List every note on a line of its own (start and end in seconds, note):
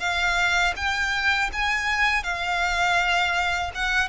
0.00 0.74 F5
0.76 1.51 G5
1.53 2.24 G#5
2.24 3.72 F5
3.75 4.09 F#5